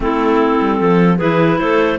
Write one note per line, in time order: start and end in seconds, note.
0.00 0.59 A3
0.00 1.18 C4
0.00 0.79 E4
0.00 1.18 A4
0.60 0.80 G3
0.79 1.20 F3
0.79 1.17 A4
1.17 1.59 E3
1.17 1.99 E4
1.17 1.57 G#4
1.17 1.58 B4
1.58 1.99 A3
1.58 1.99 A4
1.58 1.98 C5